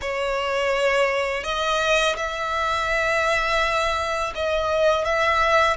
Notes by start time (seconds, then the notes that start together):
0.01 C#5
1.43 D#5
2.16 E5
4.35 D#5
5.04 E5